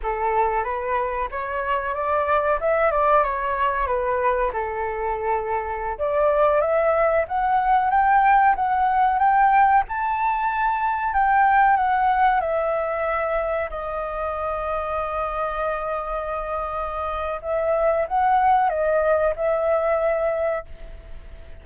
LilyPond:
\new Staff \with { instrumentName = "flute" } { \time 4/4 \tempo 4 = 93 a'4 b'4 cis''4 d''4 | e''8 d''8 cis''4 b'4 a'4~ | a'4~ a'16 d''4 e''4 fis''8.~ | fis''16 g''4 fis''4 g''4 a''8.~ |
a''4~ a''16 g''4 fis''4 e''8.~ | e''4~ e''16 dis''2~ dis''8.~ | dis''2. e''4 | fis''4 dis''4 e''2 | }